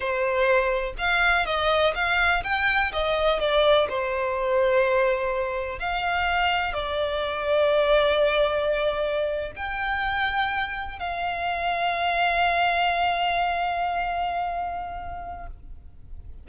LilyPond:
\new Staff \with { instrumentName = "violin" } { \time 4/4 \tempo 4 = 124 c''2 f''4 dis''4 | f''4 g''4 dis''4 d''4 | c''1 | f''2 d''2~ |
d''2.~ d''8. g''16~ | g''2~ g''8. f''4~ f''16~ | f''1~ | f''1 | }